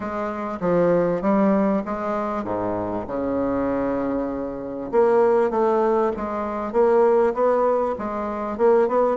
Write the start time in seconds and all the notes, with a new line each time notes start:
0.00 G#3
0.60 F3
1.21 G3
1.85 G#3
2.44 G#2
3.07 C#3
4.91 A#3
5.50 A3
6.16 G#3
6.72 A#3
7.34 B3
7.98 G#3
8.57 A#3
8.88 B3